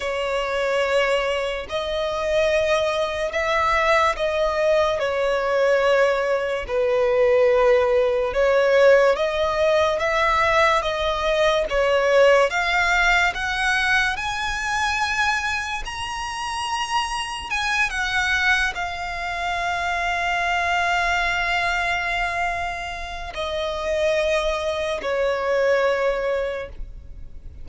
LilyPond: \new Staff \with { instrumentName = "violin" } { \time 4/4 \tempo 4 = 72 cis''2 dis''2 | e''4 dis''4 cis''2 | b'2 cis''4 dis''4 | e''4 dis''4 cis''4 f''4 |
fis''4 gis''2 ais''4~ | ais''4 gis''8 fis''4 f''4.~ | f''1 | dis''2 cis''2 | }